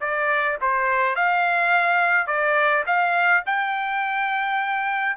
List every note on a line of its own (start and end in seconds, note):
0.00 0.57 D5
0.61 1.15 C5
1.15 2.27 F5
2.27 2.84 D5
2.86 3.43 F5
3.46 5.16 G5